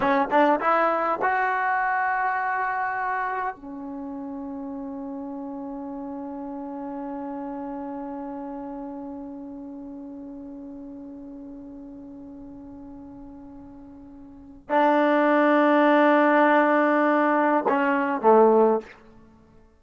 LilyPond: \new Staff \with { instrumentName = "trombone" } { \time 4/4 \tempo 4 = 102 cis'8 d'8 e'4 fis'2~ | fis'2 cis'2~ | cis'1~ | cis'1~ |
cis'1~ | cis'1~ | cis'4 d'2.~ | d'2 cis'4 a4 | }